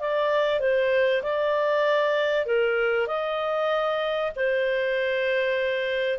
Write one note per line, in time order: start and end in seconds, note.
0.00 0.60 D5
0.60 1.22 C5
1.23 2.46 D5
2.46 3.07 A#4
3.07 4.32 D#5
4.36 6.19 C5